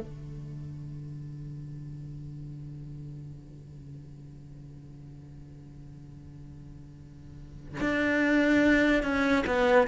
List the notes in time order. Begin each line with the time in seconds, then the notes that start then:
0.00 D3
7.80 D4
9.03 C#4
9.46 B3